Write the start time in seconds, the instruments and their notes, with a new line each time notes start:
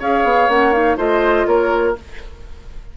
0.00 bassoon C#4, clarinet G#4, oboe C#5, flute F5
0.24 bassoon B3
0.48 bassoon A#3, clarinet C#4, flute F#5
0.72 clarinet D#4, flute F5
0.97 bassoon A3, clarinet F4, oboe C5, flute D#5
1.47 bassoon A#3, oboe A#4, flute C#5